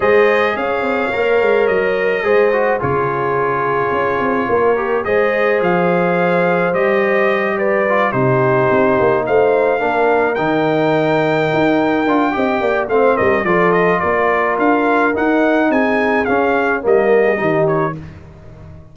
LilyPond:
<<
  \new Staff \with { instrumentName = "trumpet" } { \time 4/4 \tempo 4 = 107 dis''4 f''2 dis''4~ | dis''4 cis''2.~ | cis''4 dis''4 f''2 | dis''4. d''4 c''4.~ |
c''8 f''2 g''4.~ | g''2. f''8 dis''8 | d''8 dis''8 d''4 f''4 fis''4 | gis''4 f''4 dis''4. cis''8 | }
  \new Staff \with { instrumentName = "horn" } { \time 4/4 c''4 cis''2. | c''4 gis'2. | ais'4 c''2.~ | c''4. b'4 g'4.~ |
g'8 c''4 ais'2~ ais'8~ | ais'2 dis''8 d''8 c''8 ais'8 | a'4 ais'2. | gis'2 ais'8. gis'16 g'4 | }
  \new Staff \with { instrumentName = "trombone" } { \time 4/4 gis'2 ais'2 | gis'8 fis'8 f'2.~ | f'8 g'8 gis'2. | g'2 f'8 dis'4.~ |
dis'4. d'4 dis'4.~ | dis'4. f'8 g'4 c'4 | f'2. dis'4~ | dis'4 cis'4 ais4 dis'4 | }
  \new Staff \with { instrumentName = "tuba" } { \time 4/4 gis4 cis'8 c'8 ais8 gis8 fis4 | gis4 cis2 cis'8 c'8 | ais4 gis4 f2 | g2~ g8 c4 c'8 |
ais8 a4 ais4 dis4.~ | dis8 dis'4 d'8 c'8 ais8 a8 g8 | f4 ais4 d'4 dis'4 | c'4 cis'4 g4 dis4 | }
>>